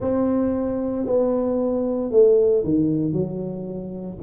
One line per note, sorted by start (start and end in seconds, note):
0.00 1.05 C4
1.05 2.11 B3
2.11 2.63 A3
2.63 3.12 D#3
3.12 4.18 F#3